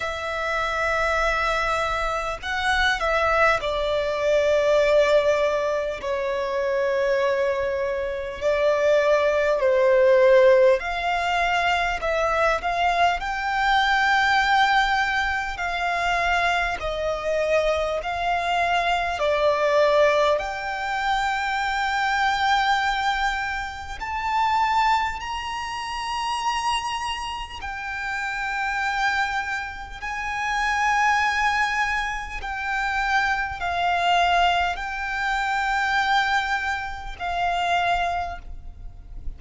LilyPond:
\new Staff \with { instrumentName = "violin" } { \time 4/4 \tempo 4 = 50 e''2 fis''8 e''8 d''4~ | d''4 cis''2 d''4 | c''4 f''4 e''8 f''8 g''4~ | g''4 f''4 dis''4 f''4 |
d''4 g''2. | a''4 ais''2 g''4~ | g''4 gis''2 g''4 | f''4 g''2 f''4 | }